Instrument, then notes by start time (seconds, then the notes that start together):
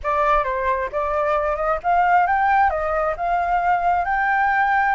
flute
0.03 D5
0.44 C5
0.92 D5
1.56 D#5
1.83 F5
2.26 G5
2.69 D#5
3.16 F5
4.04 G5